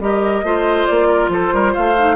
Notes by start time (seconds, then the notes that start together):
0.00 G3 G4 A#4 D#5
0.44 A3 F4 C5
0.87 A#3 D5
1.08 A#4
1.29 F3 A4 C5
1.54 G3 A#4
1.73 A3 C5 F5
1.97 D#4